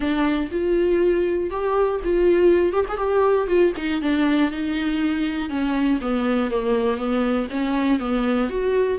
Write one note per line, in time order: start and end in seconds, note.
0.00 0.49 D4
0.51 1.50 F4
1.50 2.00 G4
2.04 2.73 F4
2.73 2.85 G4
2.88 2.97 G#4
2.97 3.47 G4
3.47 3.72 F4
3.76 4.01 D#4
4.01 4.51 D4
4.51 5.49 D#4
5.49 5.99 C#4
6.01 6.50 B3
6.50 6.97 A#3
6.97 7.47 B3
7.50 7.99 C#4
7.99 8.49 B3
8.49 8.98 F#4